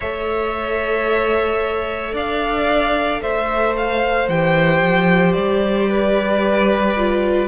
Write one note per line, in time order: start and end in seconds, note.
0.00 2.13 A3
0.00 4.29 A4
0.00 2.14 C#5
0.00 2.15 E5
2.13 3.20 D4
2.13 3.21 D5
2.13 3.22 F5
3.22 4.28 A3
3.22 5.89 C5
3.22 3.76 E5
3.76 4.28 F5
4.28 4.81 E3
4.28 6.97 G4
4.28 5.33 G5
4.81 5.35 F3
5.33 7.48 G3
5.33 7.47 D5
5.89 7.48 B4
6.97 7.48 F4